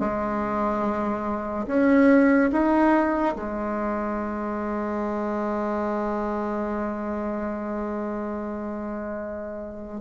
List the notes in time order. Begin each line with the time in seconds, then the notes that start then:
0.00 G#3
1.67 C#4
2.52 D#4
3.36 G#3